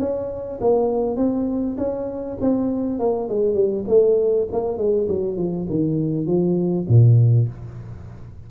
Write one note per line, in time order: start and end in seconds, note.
0.00 0.60 C#4
0.61 1.17 A#3
1.17 1.77 C4
1.78 2.38 C#4
2.41 2.99 C4
2.99 3.29 A#3
3.29 3.55 G#3
3.55 3.85 G3
3.88 4.48 A3
4.52 4.78 A#3
4.78 5.08 G#3
5.09 5.37 F#3
5.37 5.67 F3
5.70 6.27 D#3
6.27 6.87 F3
6.89 7.49 A#2